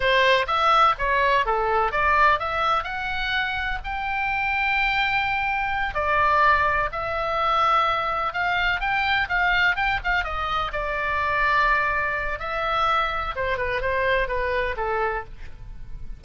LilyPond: \new Staff \with { instrumentName = "oboe" } { \time 4/4 \tempo 4 = 126 c''4 e''4 cis''4 a'4 | d''4 e''4 fis''2 | g''1~ | g''8 d''2 e''4.~ |
e''4. f''4 g''4 f''8~ | f''8 g''8 f''8 dis''4 d''4.~ | d''2 e''2 | c''8 b'8 c''4 b'4 a'4 | }